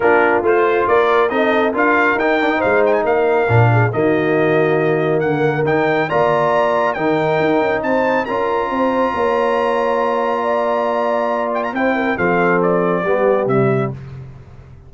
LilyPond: <<
  \new Staff \with { instrumentName = "trumpet" } { \time 4/4 \tempo 4 = 138 ais'4 c''4 d''4 dis''4 | f''4 g''4 f''8 g''16 gis''16 f''4~ | f''4 dis''2. | fis''4 g''4 ais''2 |
g''2 a''4 ais''4~ | ais''1~ | ais''2~ ais''8 g''16 ais''16 g''4 | f''4 d''2 e''4 | }
  \new Staff \with { instrumentName = "horn" } { \time 4/4 f'2 ais'4 a'4 | ais'2 c''4 ais'4~ | ais'8 gis'8 fis'2. | ais'2 d''2 |
ais'2 c''4 ais'4 | c''4 cis''2. | d''2. c''8 ais'8 | a'2 g'2 | }
  \new Staff \with { instrumentName = "trombone" } { \time 4/4 d'4 f'2 dis'4 | f'4 dis'8 d'16 dis'2~ dis'16 | d'4 ais2.~ | ais4 dis'4 f'2 |
dis'2. f'4~ | f'1~ | f'2. e'4 | c'2 b4 g4 | }
  \new Staff \with { instrumentName = "tuba" } { \time 4/4 ais4 a4 ais4 c'4 | d'4 dis'4 gis4 ais4 | ais,4 dis2. | d4 dis4 ais2 |
dis4 dis'8 cis'8 c'4 cis'4 | c'4 ais2.~ | ais2. c'4 | f2 g4 c4 | }
>>